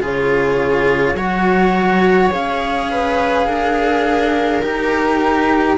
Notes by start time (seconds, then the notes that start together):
0.00 C#3 F4 G#4 C#5
1.14 F#3 F#4 C#5 F#5
2.30 C#4 G#4 F5
2.91 B4
3.47 D4 A#4
4.62 D#4 G4 A#5